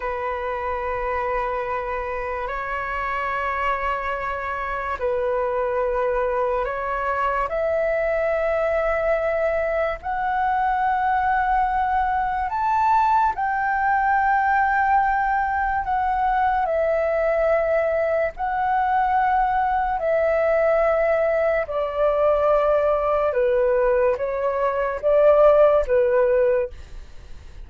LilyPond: \new Staff \with { instrumentName = "flute" } { \time 4/4 \tempo 4 = 72 b'2. cis''4~ | cis''2 b'2 | cis''4 e''2. | fis''2. a''4 |
g''2. fis''4 | e''2 fis''2 | e''2 d''2 | b'4 cis''4 d''4 b'4 | }